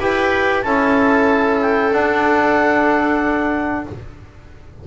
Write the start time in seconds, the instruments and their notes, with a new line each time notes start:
0.00 double bass E4, trombone G4, viola B4, clarinet G5
0.63 double bass C#4, trombone E4, viola A4, clarinet A5
1.61 clarinet G5
1.92 trombone D4, double bass D4, clarinet F#5